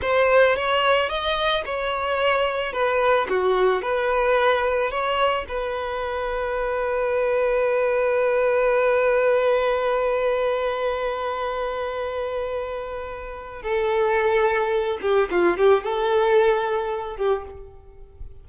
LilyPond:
\new Staff \with { instrumentName = "violin" } { \time 4/4 \tempo 4 = 110 c''4 cis''4 dis''4 cis''4~ | cis''4 b'4 fis'4 b'4~ | b'4 cis''4 b'2~ | b'1~ |
b'1~ | b'1~ | b'4 a'2~ a'8 g'8 | f'8 g'8 a'2~ a'8 g'8 | }